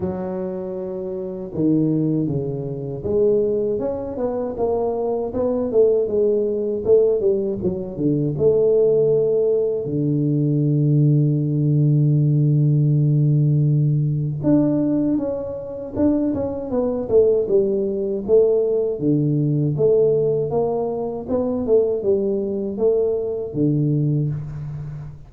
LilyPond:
\new Staff \with { instrumentName = "tuba" } { \time 4/4 \tempo 4 = 79 fis2 dis4 cis4 | gis4 cis'8 b8 ais4 b8 a8 | gis4 a8 g8 fis8 d8 a4~ | a4 d2.~ |
d2. d'4 | cis'4 d'8 cis'8 b8 a8 g4 | a4 d4 a4 ais4 | b8 a8 g4 a4 d4 | }